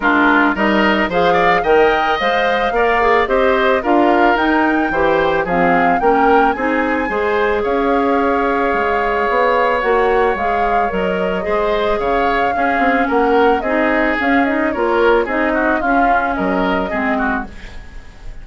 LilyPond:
<<
  \new Staff \with { instrumentName = "flute" } { \time 4/4 \tempo 4 = 110 ais'4 dis''4 f''4 g''4 | f''2 dis''4 f''4 | g''2 f''4 g''4 | gis''2 f''2~ |
f''2 fis''4 f''4 | dis''2 f''2 | fis''4 dis''4 f''8 dis''8 cis''4 | dis''4 f''4 dis''2 | }
  \new Staff \with { instrumentName = "oboe" } { \time 4/4 f'4 ais'4 c''8 d''8 dis''4~ | dis''4 d''4 c''4 ais'4~ | ais'4 c''4 gis'4 ais'4 | gis'4 c''4 cis''2~ |
cis''1~ | cis''4 c''4 cis''4 gis'4 | ais'4 gis'2 ais'4 | gis'8 fis'8 f'4 ais'4 gis'8 fis'8 | }
  \new Staff \with { instrumentName = "clarinet" } { \time 4/4 d'4 dis'4 gis'4 ais'4 | c''4 ais'8 gis'8 g'4 f'4 | dis'4 g'4 c'4 cis'4 | dis'4 gis'2.~ |
gis'2 fis'4 gis'4 | ais'4 gis'2 cis'4~ | cis'4 dis'4 cis'8 dis'8 f'4 | dis'4 cis'2 c'4 | }
  \new Staff \with { instrumentName = "bassoon" } { \time 4/4 gis4 g4 f4 dis4 | gis4 ais4 c'4 d'4 | dis'4 e4 f4 ais4 | c'4 gis4 cis'2 |
gis4 b4 ais4 gis4 | fis4 gis4 cis4 cis'8 c'8 | ais4 c'4 cis'4 ais4 | c'4 cis'4 fis4 gis4 | }
>>